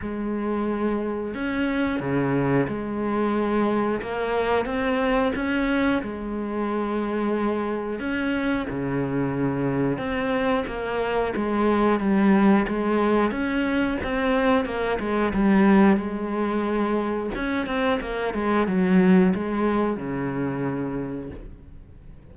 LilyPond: \new Staff \with { instrumentName = "cello" } { \time 4/4 \tempo 4 = 90 gis2 cis'4 cis4 | gis2 ais4 c'4 | cis'4 gis2. | cis'4 cis2 c'4 |
ais4 gis4 g4 gis4 | cis'4 c'4 ais8 gis8 g4 | gis2 cis'8 c'8 ais8 gis8 | fis4 gis4 cis2 | }